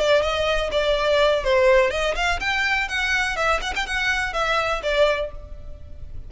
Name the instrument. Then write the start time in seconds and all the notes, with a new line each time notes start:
violin
0.00 D5
0.22 D#5
0.72 D5
1.45 C5
1.91 D#5
2.16 F5
2.40 G5
2.89 F#5
3.37 E5
3.62 F#5
3.76 G5
3.87 F#5
4.34 E5
4.83 D5